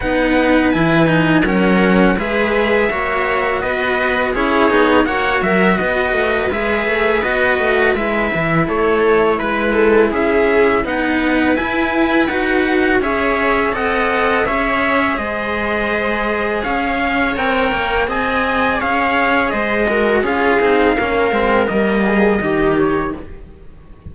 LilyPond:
<<
  \new Staff \with { instrumentName = "trumpet" } { \time 4/4 \tempo 4 = 83 fis''4 gis''4 fis''4 e''4~ | e''4 dis''4 cis''4 fis''8 e''8 | dis''4 e''4 dis''4 e''4 | cis''4 b'4 e''4 fis''4 |
gis''4 fis''4 e''4 fis''4 | e''4 dis''2 f''4 | g''4 gis''4 f''4 dis''4 | f''2 dis''4. cis''8 | }
  \new Staff \with { instrumentName = "viola" } { \time 4/4 b'2 ais'4 b'4 | cis''4 b'4 gis'4 cis''8 ais'8 | b'1 | a'4 b'8 a'8 gis'4 b'4~ |
b'2 cis''4 dis''4 | cis''4 c''2 cis''4~ | cis''4 dis''4 cis''4 c''8 ais'8 | gis'4 ais'4. gis'8 g'4 | }
  \new Staff \with { instrumentName = "cello" } { \time 4/4 dis'4 e'8 dis'8 cis'4 gis'4 | fis'2 e'8 dis'8 fis'4~ | fis'4 gis'4 fis'4 e'4~ | e'2. dis'4 |
e'4 fis'4 gis'4 a'4 | gis'1 | ais'4 gis'2~ gis'8 fis'8 | f'8 dis'8 cis'8 c'8 ais4 dis'4 | }
  \new Staff \with { instrumentName = "cello" } { \time 4/4 b4 e4 fis4 gis4 | ais4 b4 cis'8 b8 ais8 fis8 | b8 a8 gis8 a8 b8 a8 gis8 e8 | a4 gis4 cis'4 b4 |
e'4 dis'4 cis'4 c'4 | cis'4 gis2 cis'4 | c'8 ais8 c'4 cis'4 gis4 | cis'8 c'8 ais8 gis8 g4 dis4 | }
>>